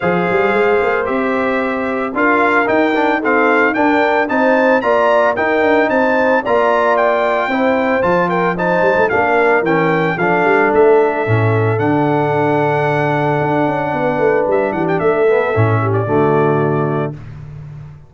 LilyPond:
<<
  \new Staff \with { instrumentName = "trumpet" } { \time 4/4 \tempo 4 = 112 f''2 e''2 | f''4 g''4 f''4 g''4 | a''4 ais''4 g''4 a''4 | ais''4 g''2 a''8 g''8 |
a''4 f''4 g''4 f''4 | e''2 fis''2~ | fis''2. e''8 fis''16 g''16 | e''4.~ e''16 d''2~ d''16 | }
  \new Staff \with { instrumentName = "horn" } { \time 4/4 c''1 | ais'2 a'4 ais'4 | c''4 d''4 ais'4 c''4 | d''2 c''4. ais'8 |
c''4 ais'2 a'4~ | a'1~ | a'2 b'4. g'8 | a'4. g'8 fis'2 | }
  \new Staff \with { instrumentName = "trombone" } { \time 4/4 gis'2 g'2 | f'4 dis'8 d'8 c'4 d'4 | dis'4 f'4 dis'2 | f'2 e'4 f'4 |
dis'4 d'4 cis'4 d'4~ | d'4 cis'4 d'2~ | d'1~ | d'8 b8 cis'4 a2 | }
  \new Staff \with { instrumentName = "tuba" } { \time 4/4 f8 g8 gis8 ais8 c'2 | d'4 dis'2 d'4 | c'4 ais4 dis'8 d'8 c'4 | ais2 c'4 f4~ |
f8 g16 a16 ais4 e4 f8 g8 | a4 a,4 d2~ | d4 d'8 cis'8 b8 a8 g8 e8 | a4 a,4 d2 | }
>>